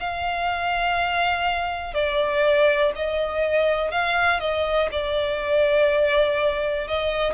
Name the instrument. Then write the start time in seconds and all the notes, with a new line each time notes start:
violin
0.00 F5
1.94 D5
2.96 D#5
3.92 F5
4.40 D#5
4.92 D5
6.88 D#5